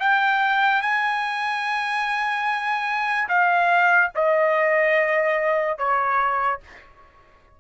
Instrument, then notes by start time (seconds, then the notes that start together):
trumpet
0.00 G5
0.82 G#5
3.29 F5
4.15 D#5
5.78 C#5